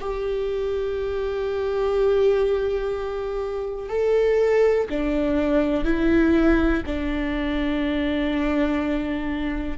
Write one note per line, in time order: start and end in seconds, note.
0.00 3.89 G4
3.89 4.88 A4
4.90 5.85 D4
5.85 6.83 E4
6.86 9.78 D4